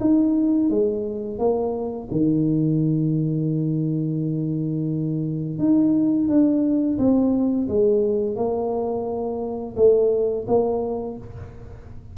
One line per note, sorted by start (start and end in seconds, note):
0.00 0.70 D#4
0.70 1.39 G#3
1.39 2.08 A#3
2.11 5.59 D#3
5.59 6.28 D#4
6.28 6.98 D4
6.98 7.68 C4
7.68 8.36 G#3
8.36 9.75 A#3
9.76 10.46 A3
10.47 11.17 A#3